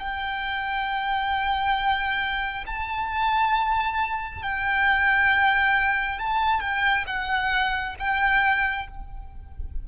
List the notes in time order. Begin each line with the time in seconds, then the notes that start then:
0.00 G5
2.67 A5
4.43 G5
6.19 A5
6.61 G5
7.07 F#5
8.00 G5